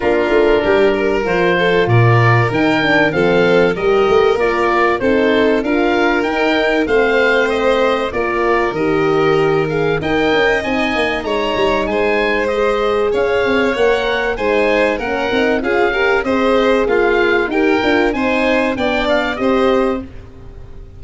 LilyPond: <<
  \new Staff \with { instrumentName = "oboe" } { \time 4/4 \tempo 4 = 96 ais'2 c''4 d''4 | g''4 f''4 dis''4 d''4 | c''4 f''4 g''4 f''4 | dis''4 d''4 dis''4. f''8 |
g''4 gis''4 ais''4 gis''4 | dis''4 f''4 fis''4 gis''4 | fis''4 f''4 dis''4 f''4 | g''4 gis''4 g''8 f''8 dis''4 | }
  \new Staff \with { instrumentName = "violin" } { \time 4/4 f'4 g'8 ais'4 a'8 ais'4~ | ais'4 a'4 ais'2 | a'4 ais'2 c''4~ | c''4 ais'2. |
dis''2 cis''4 c''4~ | c''4 cis''2 c''4 | ais'4 gis'8 ais'8 c''4 f'4 | ais'4 c''4 d''4 c''4 | }
  \new Staff \with { instrumentName = "horn" } { \time 4/4 d'2 f'2 | dis'8 d'8 c'4 g'4 f'4 | dis'4 f'4 dis'4 c'4~ | c'4 f'4 g'4. gis'8 |
ais'4 dis'2. | gis'2 ais'4 dis'4 | cis'8 dis'8 f'8 g'8 gis'2 | g'8 f'8 dis'4 d'4 g'4 | }
  \new Staff \with { instrumentName = "tuba" } { \time 4/4 ais8 a8 g4 f4 ais,4 | dis4 f4 g8 a8 ais4 | c'4 d'4 dis'4 a4~ | a4 ais4 dis2 |
dis'8 cis'8 c'8 ais8 gis8 g8 gis4~ | gis4 cis'8 c'8 ais4 gis4 | ais8 c'8 cis'4 c'4 ais4 | dis'8 d'8 c'4 b4 c'4 | }
>>